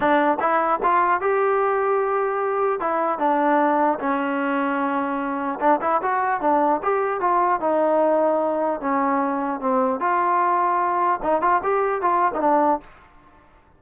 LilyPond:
\new Staff \with { instrumentName = "trombone" } { \time 4/4 \tempo 4 = 150 d'4 e'4 f'4 g'4~ | g'2. e'4 | d'2 cis'2~ | cis'2 d'8 e'8 fis'4 |
d'4 g'4 f'4 dis'4~ | dis'2 cis'2 | c'4 f'2. | dis'8 f'8 g'4 f'8. dis'16 d'4 | }